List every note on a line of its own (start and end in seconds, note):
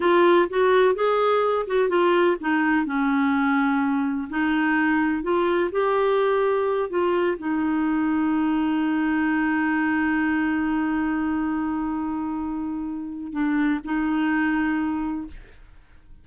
0.00 0.48 F4
0.49 0.94 F#4
0.94 1.66 G#4
1.66 1.89 F#4
1.89 2.36 F4
2.40 2.85 D#4
2.85 4.28 C#4
4.29 5.22 D#4
5.22 5.70 F4
5.71 6.89 G4
6.89 7.37 F4
7.37 13.32 D#4
13.32 13.80 D4
13.84 15.27 D#4